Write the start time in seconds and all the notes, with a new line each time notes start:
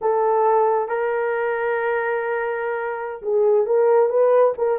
0.01 A4
0.88 A#4
3.22 G#4
3.66 A#4
4.09 B4
4.57 A#4